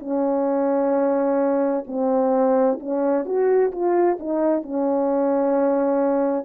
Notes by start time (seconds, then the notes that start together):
0.00 C#4
1.87 C4
2.80 C#4
3.26 F#4
3.72 F4
4.20 D#4
4.63 C#4